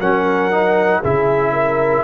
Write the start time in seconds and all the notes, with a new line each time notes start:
0.00 F#3 C#4 A#4 F#5
0.52 D#4
1.01 C#3 E4 G#4 E5
1.53 A#4